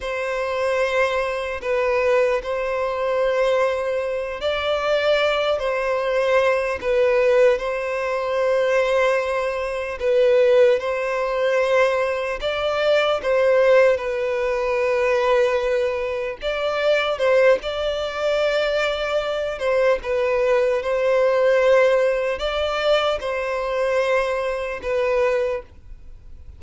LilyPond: \new Staff \with { instrumentName = "violin" } { \time 4/4 \tempo 4 = 75 c''2 b'4 c''4~ | c''4. d''4. c''4~ | c''8 b'4 c''2~ c''8~ | c''8 b'4 c''2 d''8~ |
d''8 c''4 b'2~ b'8~ | b'8 d''4 c''8 d''2~ | d''8 c''8 b'4 c''2 | d''4 c''2 b'4 | }